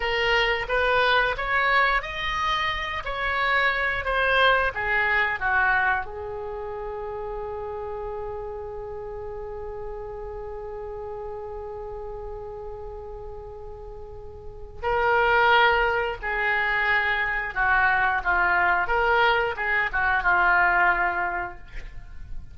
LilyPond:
\new Staff \with { instrumentName = "oboe" } { \time 4/4 \tempo 4 = 89 ais'4 b'4 cis''4 dis''4~ | dis''8 cis''4. c''4 gis'4 | fis'4 gis'2.~ | gis'1~ |
gis'1~ | gis'2 ais'2 | gis'2 fis'4 f'4 | ais'4 gis'8 fis'8 f'2 | }